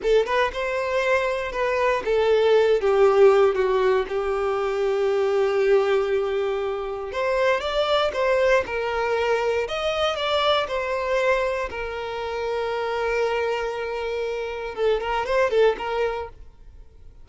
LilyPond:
\new Staff \with { instrumentName = "violin" } { \time 4/4 \tempo 4 = 118 a'8 b'8 c''2 b'4 | a'4. g'4. fis'4 | g'1~ | g'2 c''4 d''4 |
c''4 ais'2 dis''4 | d''4 c''2 ais'4~ | ais'1~ | ais'4 a'8 ais'8 c''8 a'8 ais'4 | }